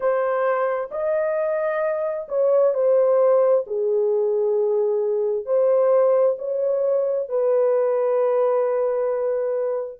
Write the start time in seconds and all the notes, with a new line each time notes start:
0.00 C5
0.91 D#5
2.28 C#5
2.74 C5
3.66 G#4
5.45 C5
6.38 C#5
7.29 B4